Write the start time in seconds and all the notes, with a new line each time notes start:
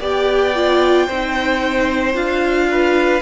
0.00 B3 G4 D5 G5
0.55 F4
1.06 C4 D#4 C5
2.13 D4 F4 F5
2.71 B4